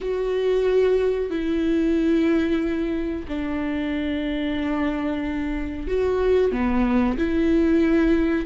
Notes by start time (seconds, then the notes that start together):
0.00 F#4
1.30 E4
3.28 D4
5.87 F#4
6.52 B3
7.17 E4